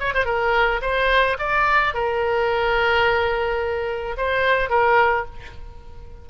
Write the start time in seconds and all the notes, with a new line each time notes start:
0.00 C#5
0.15 C5
0.26 A#4
0.82 C5
1.39 D5
1.94 A#4
4.17 C5
4.70 A#4